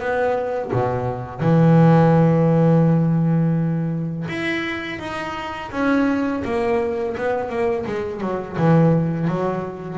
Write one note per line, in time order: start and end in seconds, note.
0.00 0.71 B3
0.72 1.41 B2
1.41 4.26 E3
4.28 4.99 E4
4.99 5.70 D#4
5.72 6.43 C#4
6.44 7.16 A#3
7.17 7.49 B3
7.49 7.85 A#3
7.86 8.21 G#3
8.21 8.56 F#3
8.57 9.27 E3
9.27 9.98 F#3